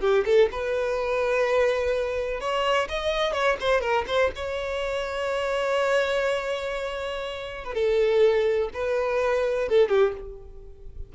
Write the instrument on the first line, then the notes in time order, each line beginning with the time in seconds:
violin
0.00 G4
0.25 A4
0.51 B4
2.40 C#5
2.89 D#5
3.33 C#5
3.60 C5
3.81 A#4
4.07 C5
4.35 C#5
7.64 B4
7.74 A4
8.73 B4
9.68 A4
9.88 G4